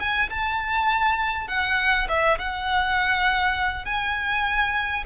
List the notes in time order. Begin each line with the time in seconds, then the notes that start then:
0.00 G#5
0.30 A5
1.48 F#5
2.09 E5
2.39 F#5
3.85 G#5